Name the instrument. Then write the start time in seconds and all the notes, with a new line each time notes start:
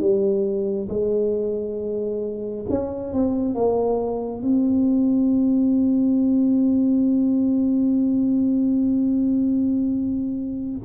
tuba
0.00 G3
0.89 G#3
2.69 C#4
3.13 C4
3.55 A#3
4.42 C4